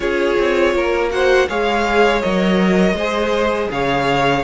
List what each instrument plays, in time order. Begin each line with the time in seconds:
0.00 cello C#4, viola F4, violin G#4 C#5
0.39 cello C4
0.74 cello A#3, violin A#4
1.10 viola F#4, violin C5 F#5
1.48 cello G#3, viola G#4, violin C#5 F5
2.21 cello F#3, viola A#4, violin D#5
2.93 cello G#3, viola G#4, violin C5
3.71 cello C#3, violin C#5 F5